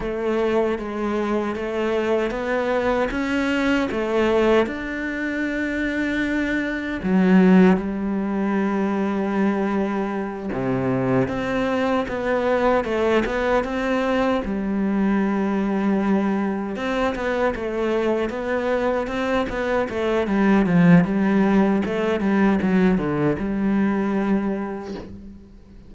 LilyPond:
\new Staff \with { instrumentName = "cello" } { \time 4/4 \tempo 4 = 77 a4 gis4 a4 b4 | cis'4 a4 d'2~ | d'4 fis4 g2~ | g4. c4 c'4 b8~ |
b8 a8 b8 c'4 g4.~ | g4. c'8 b8 a4 b8~ | b8 c'8 b8 a8 g8 f8 g4 | a8 g8 fis8 d8 g2 | }